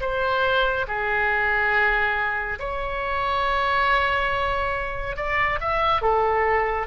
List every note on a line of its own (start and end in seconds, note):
0.00 0.86 C5
0.87 2.59 G#4
2.59 5.16 C#5
5.16 5.59 D5
5.60 6.01 E5
6.01 6.86 A4